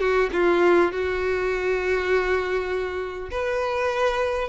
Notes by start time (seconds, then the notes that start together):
0.00 F#4
0.32 F4
0.92 F#4
3.31 B4